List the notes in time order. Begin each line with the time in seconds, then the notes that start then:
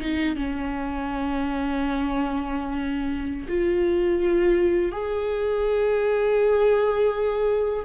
0.00 D#4
0.36 C#4
3.49 F4
4.92 G#4